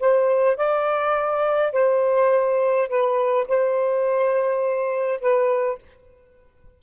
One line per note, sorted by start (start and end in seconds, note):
0.00 0.57 C5
0.57 1.73 D5
1.73 2.89 C5
2.89 3.48 B4
3.48 5.21 C5
5.21 5.79 B4